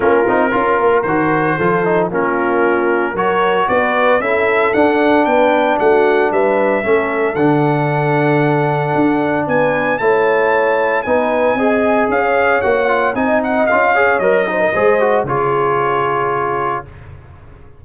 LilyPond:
<<
  \new Staff \with { instrumentName = "trumpet" } { \time 4/4 \tempo 4 = 114 ais'2 c''2 | ais'2 cis''4 d''4 | e''4 fis''4 g''4 fis''4 | e''2 fis''2~ |
fis''2 gis''4 a''4~ | a''4 gis''2 f''4 | fis''4 gis''8 fis''8 f''4 dis''4~ | dis''4 cis''2. | }
  \new Staff \with { instrumentName = "horn" } { \time 4/4 f'4 ais'2 a'4 | f'2 ais'4 b'4 | a'2 b'4 fis'4 | b'4 a'2.~ |
a'2 b'4 cis''4~ | cis''4 b'4 dis''4 cis''4~ | cis''4 dis''4. cis''4 c''16 ais'16 | c''4 gis'2. | }
  \new Staff \with { instrumentName = "trombone" } { \time 4/4 cis'8 dis'8 f'4 fis'4 f'8 dis'8 | cis'2 fis'2 | e'4 d'2.~ | d'4 cis'4 d'2~ |
d'2. e'4~ | e'4 dis'4 gis'2 | fis'8 f'8 dis'4 f'8 gis'8 ais'8 dis'8 | gis'8 fis'8 f'2. | }
  \new Staff \with { instrumentName = "tuba" } { \time 4/4 ais8 c'8 cis'8 ais8 dis4 f4 | ais2 fis4 b4 | cis'4 d'4 b4 a4 | g4 a4 d2~ |
d4 d'4 b4 a4~ | a4 b4 c'4 cis'4 | ais4 c'4 cis'4 fis4 | gis4 cis2. | }
>>